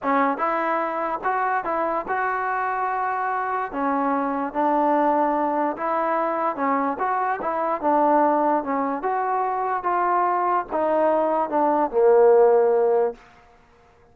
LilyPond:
\new Staff \with { instrumentName = "trombone" } { \time 4/4 \tempo 4 = 146 cis'4 e'2 fis'4 | e'4 fis'2.~ | fis'4 cis'2 d'4~ | d'2 e'2 |
cis'4 fis'4 e'4 d'4~ | d'4 cis'4 fis'2 | f'2 dis'2 | d'4 ais2. | }